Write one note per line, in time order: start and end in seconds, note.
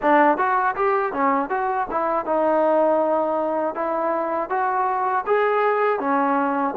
0.02 0.38 D4
0.38 0.75 F#4
0.75 1.12 G4
1.12 1.49 C#4
1.49 1.87 F#4
1.91 2.25 E4
2.25 3.74 D#4
3.74 4.49 E4
4.49 5.24 F#4
5.26 5.99 G#4
5.99 6.74 C#4